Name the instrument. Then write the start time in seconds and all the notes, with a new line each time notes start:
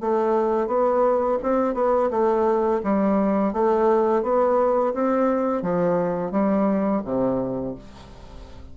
bassoon
0.00 A3
0.67 B3
1.42 C4
1.74 B3
2.10 A3
2.83 G3
3.53 A3
4.22 B3
4.93 C4
5.62 F3
6.31 G3
7.04 C3